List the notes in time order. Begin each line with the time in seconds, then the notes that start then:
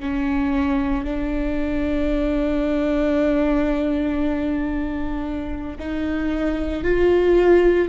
0.00 C#4
1.04 D4
5.79 D#4
6.84 F4